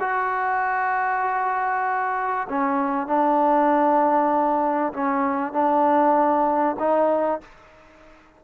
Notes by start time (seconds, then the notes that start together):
0.00 F#4
2.49 C#4
3.07 D4
4.93 C#4
5.53 D4
6.79 D#4